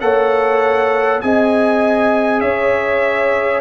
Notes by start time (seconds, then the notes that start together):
0.00 A#3 A4 C#5 F#5
1.21 C4 G#4 D#5 G#5
2.40 C#4 C#5 E5